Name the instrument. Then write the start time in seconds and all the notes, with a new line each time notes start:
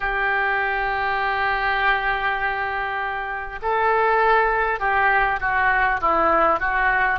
oboe
0.00 G4
3.62 A4
4.79 G4
5.40 F#4
6.00 E4
6.59 F#4